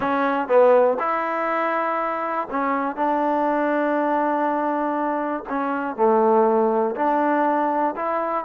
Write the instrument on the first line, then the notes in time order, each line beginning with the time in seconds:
trombone
0.00 C#4
0.47 B3
0.99 E4
2.50 C#4
2.95 D4
5.49 C#4
5.95 A3
6.95 D4
7.96 E4